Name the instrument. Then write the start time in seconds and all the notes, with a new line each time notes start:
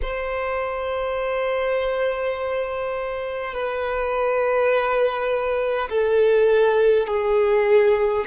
violin
0.02 C5
3.53 B4
5.89 A4
7.07 G#4